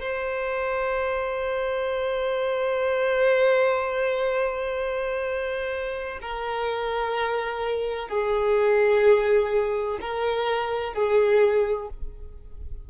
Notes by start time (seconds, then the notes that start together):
0.00 C5
6.22 A#4
8.08 G#4
10.01 A#4
10.94 G#4